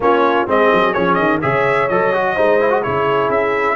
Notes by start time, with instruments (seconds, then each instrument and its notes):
0.00 tuba A#3, trombone C#4, horn F4, trumpet C#5
0.47 tuba G#3, trombone C4, horn G#4, trumpet D#5
0.72 tuba F#3
0.93 tuba F3, trombone C#4, trumpet C#5
1.14 tuba D#3, trumpet D#5
1.41 tuba C#3, trombone G#4, horn C#5, trumpet E5
1.88 tuba F#3, trombone A4, trumpet D#5
2.13 trombone F#4
2.35 tuba G#3, trombone D#4, horn C5
2.60 trombone E4
2.70 trombone F#4
2.82 tuba C#3, trombone E4, horn G#4, trumpet C#5
3.28 tuba C#4, trumpet E5